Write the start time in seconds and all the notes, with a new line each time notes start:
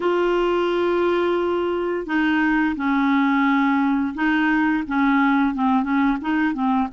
0.00 F4
2.06 D#4
2.76 C#4
4.14 D#4
4.87 C#4
5.54 C4
5.83 C#4
6.21 D#4
6.53 C4